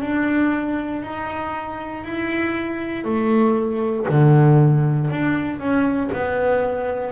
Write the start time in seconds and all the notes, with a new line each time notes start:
0.00 D4
1.02 D#4
2.03 E4
3.04 A3
4.08 D3
5.10 D4
5.59 C#4
6.12 B3